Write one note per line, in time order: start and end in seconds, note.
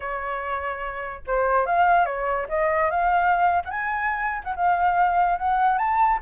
0.00 1.21 C#5
1.27 1.66 C5
1.66 2.05 F5
2.05 2.46 C#5
2.48 2.90 D#5
2.90 3.62 F5
3.64 3.70 F#5
3.64 4.42 G#5
4.44 4.54 F#5
4.56 5.38 F5
5.38 5.78 F#5
5.78 6.19 A5